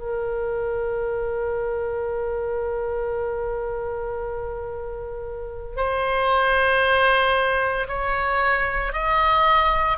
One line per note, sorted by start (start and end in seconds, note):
0.00 5.77 A#4
5.77 7.88 C5
7.89 8.93 C#5
8.93 9.98 D#5